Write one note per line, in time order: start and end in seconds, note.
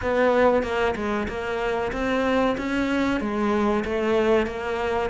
0.02 0.62 B3
0.62 0.94 A#3
0.95 1.27 G#3
1.28 1.92 A#3
1.92 2.56 C4
2.57 3.20 C#4
3.20 3.84 G#3
3.84 4.46 A3
4.46 5.09 A#3